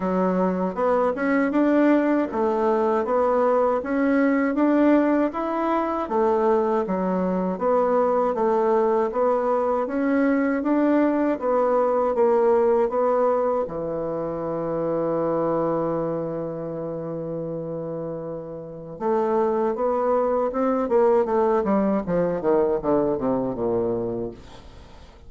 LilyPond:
\new Staff \with { instrumentName = "bassoon" } { \time 4/4 \tempo 4 = 79 fis4 b8 cis'8 d'4 a4 | b4 cis'4 d'4 e'4 | a4 fis4 b4 a4 | b4 cis'4 d'4 b4 |
ais4 b4 e2~ | e1~ | e4 a4 b4 c'8 ais8 | a8 g8 f8 dis8 d8 c8 ais,4 | }